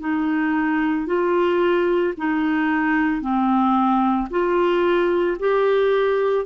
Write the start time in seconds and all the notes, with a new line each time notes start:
0.00 D#4
1.06 F4
2.17 D#4
3.21 C4
4.30 F4
5.39 G4